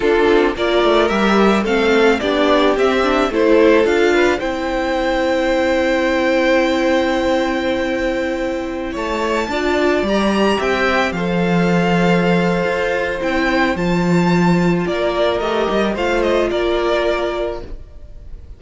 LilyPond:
<<
  \new Staff \with { instrumentName = "violin" } { \time 4/4 \tempo 4 = 109 a'4 d''4 e''4 f''4 | d''4 e''4 c''4 f''4 | g''1~ | g''1~ |
g''16 a''2 ais''4 g''8.~ | g''16 f''2.~ f''8. | g''4 a''2 d''4 | dis''4 f''8 dis''8 d''2 | }
  \new Staff \with { instrumentName = "violin" } { \time 4/4 f'4 ais'2 a'4 | g'2 a'4. b'8 | c''1~ | c''1~ |
c''16 cis''4 d''2 e''8.~ | e''16 c''2.~ c''8.~ | c''2. ais'4~ | ais'4 c''4 ais'2 | }
  \new Staff \with { instrumentName = "viola" } { \time 4/4 d'4 f'4 g'4 c'4 | d'4 c'8 d'8 e'4 f'4 | e'1~ | e'1~ |
e'4~ e'16 f'4 g'4.~ g'16~ | g'16 a'2.~ a'8. | e'4 f'2. | g'4 f'2. | }
  \new Staff \with { instrumentName = "cello" } { \time 4/4 d'8 c'8 ais8 a8 g4 a4 | b4 c'4 a4 d'4 | c'1~ | c'1~ |
c'16 a4 d'4 g4 c'8.~ | c'16 f2~ f8. f'4 | c'4 f2 ais4 | a8 g8 a4 ais2 | }
>>